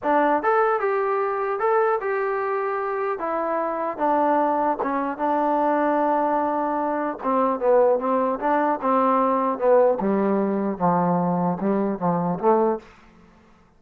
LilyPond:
\new Staff \with { instrumentName = "trombone" } { \time 4/4 \tempo 4 = 150 d'4 a'4 g'2 | a'4 g'2. | e'2 d'2 | cis'4 d'2.~ |
d'2 c'4 b4 | c'4 d'4 c'2 | b4 g2 f4~ | f4 g4 f4 a4 | }